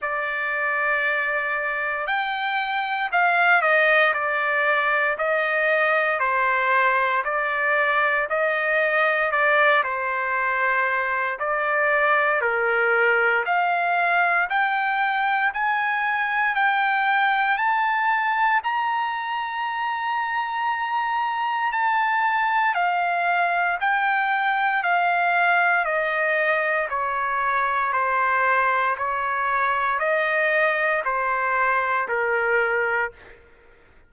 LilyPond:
\new Staff \with { instrumentName = "trumpet" } { \time 4/4 \tempo 4 = 58 d''2 g''4 f''8 dis''8 | d''4 dis''4 c''4 d''4 | dis''4 d''8 c''4. d''4 | ais'4 f''4 g''4 gis''4 |
g''4 a''4 ais''2~ | ais''4 a''4 f''4 g''4 | f''4 dis''4 cis''4 c''4 | cis''4 dis''4 c''4 ais'4 | }